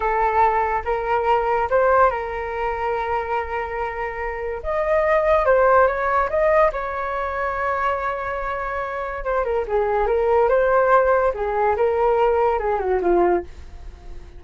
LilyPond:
\new Staff \with { instrumentName = "flute" } { \time 4/4 \tempo 4 = 143 a'2 ais'2 | c''4 ais'2.~ | ais'2. dis''4~ | dis''4 c''4 cis''4 dis''4 |
cis''1~ | cis''2 c''8 ais'8 gis'4 | ais'4 c''2 gis'4 | ais'2 gis'8 fis'8 f'4 | }